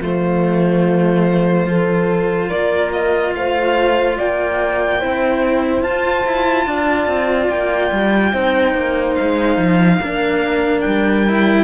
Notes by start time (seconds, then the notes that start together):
0.00 F3 A3 F4 C5
1.66 F4 A4
2.49 A#3 A#4 D5
2.92 D#5
3.35 A3 C5 F5
4.17 A#3 D5 G5
5.00 C4 E4 C5
5.82 F4 A5
6.26 E4
6.66 D4 D5
7.06 C4
7.49 A#3 G5
7.91 G3
8.33 C4 D#4 C5
8.74 A#3
9.15 G#3 F5
9.57 F3
10.00 A#3 D4 A#4
10.81 G3 G5
11.27 E4